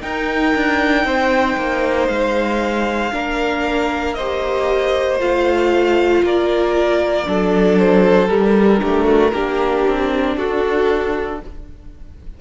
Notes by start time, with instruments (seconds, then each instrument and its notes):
0.00 viola D#4, cello D#4, violin A#4 G5
0.55 cello D4
1.04 cello C4, violin C5
1.56 cello A#3
2.08 cello G#3, violin F5
3.11 cello A#3, viola D4, violin A#4
4.13 viola G4, violin C5 D#5
5.19 cello A3, viola F4, violin F5
6.23 cello A#3, violin A#4 D5
7.24 cello F#3, viola D4, violin A4
7.78 violin C5
8.28 viola G3, cello G3, violin A#4
8.79 viola D3, cello A3, violin G4
9.05 violin F#4
9.33 cello A#3, viola D4, violin G4
9.87 cello C4
10.36 cello D4, violin F#4 A4